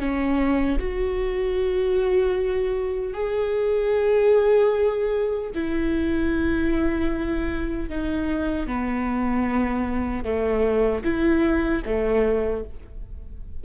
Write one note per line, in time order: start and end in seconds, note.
0.00 0.79 C#4
0.79 3.14 F#4
3.14 5.51 G#4
5.55 7.89 E4
7.89 8.67 D#4
8.67 10.25 B3
10.25 11.03 A3
11.04 11.83 E4
11.86 12.65 A3